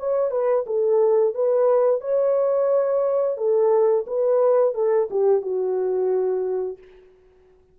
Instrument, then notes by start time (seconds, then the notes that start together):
horn
0.00 C#5
0.31 B4
0.67 A4
1.35 B4
2.01 C#5
3.38 A4
4.07 B4
4.75 A4
5.11 G4
5.42 F#4